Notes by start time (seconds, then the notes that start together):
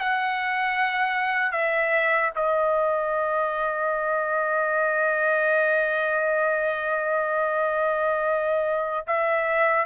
0.00 F#5
1.52 E5
2.36 D#5
9.08 E5